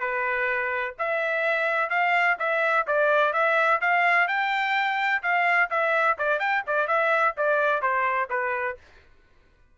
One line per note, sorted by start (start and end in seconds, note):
0.00 0.94 B4
0.99 1.90 E5
1.90 2.37 F5
2.39 2.86 E5
2.87 3.33 D5
3.33 3.80 E5
3.81 4.28 F5
4.28 5.22 G5
5.23 5.70 F5
5.71 6.18 E5
6.18 6.40 D5
6.40 6.63 G5
6.67 6.88 D5
6.88 7.35 E5
7.37 7.82 D5
7.82 8.29 C5
8.30 8.77 B4